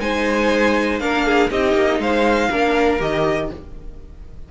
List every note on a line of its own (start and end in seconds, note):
0.00 1.00 G#3
0.00 1.00 D#4
0.00 1.01 C5
0.00 1.00 G#5
1.00 1.50 A#3
1.00 1.50 D4
1.00 1.26 A#4
1.00 1.50 F5
1.26 1.50 G#4
1.50 1.74 C4
1.50 2.51 D#4
1.50 2.00 G4
1.50 2.01 D#5
1.74 1.99 A#3
1.99 2.49 G#3
1.99 2.49 C5
1.99 3.01 F5
2.49 3.00 A#3
2.49 2.99 D4
2.49 3.49 A#4
2.99 3.50 D#3
2.99 3.49 G4
2.99 3.51 D#5